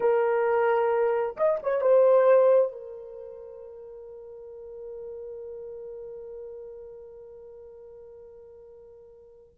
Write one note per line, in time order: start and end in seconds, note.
0.00 1.36 A#4
1.36 1.59 D#5
1.62 1.81 C#5
1.81 2.71 C5
2.72 9.54 A#4